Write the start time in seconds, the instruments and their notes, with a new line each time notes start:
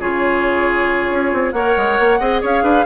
0.00 bassoon C#3, clarinet F4, oboe G#4, flute C#5
1.10 bassoon C#4
1.33 bassoon C4
1.52 bassoon A#3, clarinet A#4, oboe C#5, flute F#5
1.77 bassoon G#3
1.99 bassoon A#3
2.20 bassoon C4, clarinet G#4, oboe D#5
2.42 bassoon C#4, oboe C#5, flute F5
2.63 bassoon D4, oboe B4